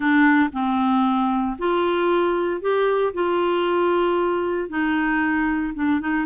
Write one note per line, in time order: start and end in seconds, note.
0.00 0.49 D4
0.52 1.57 C4
1.58 2.61 F4
2.61 3.13 G4
3.13 4.69 F4
4.69 5.73 D#4
5.74 6.00 D4
6.00 6.25 D#4